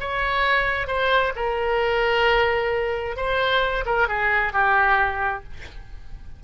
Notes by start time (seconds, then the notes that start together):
0.00 C#5
0.88 C5
1.36 A#4
3.17 C5
3.86 A#4
4.08 G#4
4.53 G4